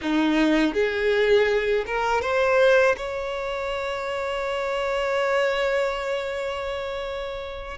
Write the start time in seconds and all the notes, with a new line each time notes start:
0.01 D#4
0.73 G#4
1.86 A#4
2.21 C5
2.96 C#5